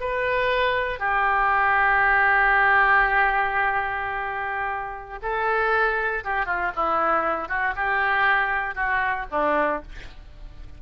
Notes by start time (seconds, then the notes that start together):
0.00 B4
0.99 G4
5.22 A4
6.24 G4
6.46 F4
6.75 E4
7.49 F#4
7.76 G4
8.75 F#4
9.31 D4